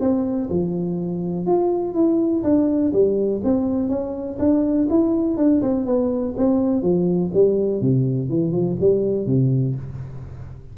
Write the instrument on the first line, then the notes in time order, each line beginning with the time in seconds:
tuba
0.00 C4
0.50 F3
1.46 F4
1.94 E4
2.43 D4
2.92 G3
3.44 C4
3.89 C#4
4.39 D4
4.90 E4
5.37 D4
5.62 C4
5.86 B3
6.37 C4
6.82 F3
7.33 G3
7.81 C3
8.29 E3
8.52 F3
8.80 G3
9.26 C3